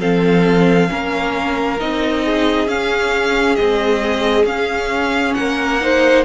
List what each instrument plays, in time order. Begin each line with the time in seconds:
0.00 cello F3, viola C4, violin A4 F5
0.88 cello A#3, viola C#4, violin A#4
1.80 cello C4, viola D#4, violin D#5
2.25 violin G#4
2.68 cello C#4, viola C#4, violin F5
3.56 viola G#3, cello C4, violin D#5
4.45 cello C#4, viola C#4, violin F5
5.35 cello A#3, violin A#4 F#5
5.81 viola D#4, violin C5